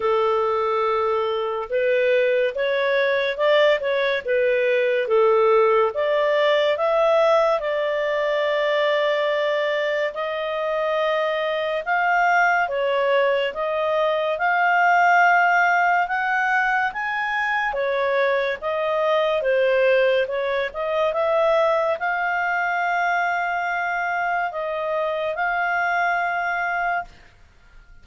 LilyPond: \new Staff \with { instrumentName = "clarinet" } { \time 4/4 \tempo 4 = 71 a'2 b'4 cis''4 | d''8 cis''8 b'4 a'4 d''4 | e''4 d''2. | dis''2 f''4 cis''4 |
dis''4 f''2 fis''4 | gis''4 cis''4 dis''4 c''4 | cis''8 dis''8 e''4 f''2~ | f''4 dis''4 f''2 | }